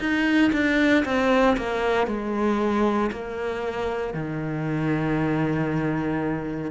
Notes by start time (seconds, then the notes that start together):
0.00 D#4
0.53 D4
1.05 C4
1.57 A#3
2.07 G#3
3.12 A#3
4.14 D#3